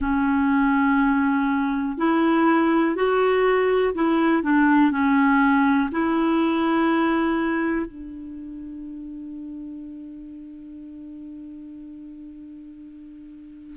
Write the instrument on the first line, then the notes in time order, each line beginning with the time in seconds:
clarinet
0.00 C#4
1.97 E4
2.95 F#4
3.94 E4
4.42 D4
4.91 C#4
5.91 E4
7.86 D4